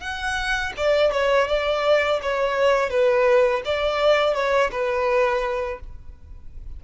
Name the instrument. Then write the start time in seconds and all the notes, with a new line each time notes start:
violin
0.00 F#5
0.77 D5
1.12 C#5
1.48 D5
2.22 C#5
2.89 B4
3.64 D5
4.34 C#5
4.71 B4